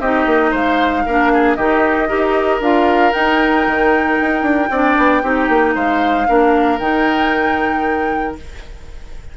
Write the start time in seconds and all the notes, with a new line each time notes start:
0.00 C4 D#4 G4 D#5
0.26 A#3
0.51 G#3 C5 F5
1.06 A#3 D4 A#4
1.33 G#4
1.55 D#3 D#4 G4 D#5
2.08 D#4 G4 A#4
2.61 D4 F4 F5
3.12 D#4 G5
3.67 D#3
4.22 D#4
4.43 D4
4.70 C4 D4 D5
4.98 B3
5.23 C4 D#4 G4
5.49 A#3
5.75 G#3 C5 F5
6.27 A#3 D4 A#4
6.79 D#3 D#4 G5